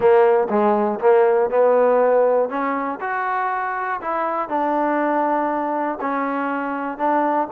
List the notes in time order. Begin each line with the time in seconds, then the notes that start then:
0.00 A#3
0.49 G#3
1.00 A#3
1.50 B3
2.49 C#4
3.00 F#4
4.01 E4
4.48 D4
6.00 C#4
6.97 D4